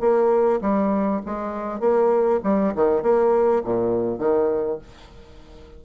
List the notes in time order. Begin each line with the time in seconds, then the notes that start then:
0.00 A#3
0.61 G3
1.25 G#3
1.80 A#3
2.44 G3
2.75 D#3
3.02 A#3
3.64 A#2
4.19 D#3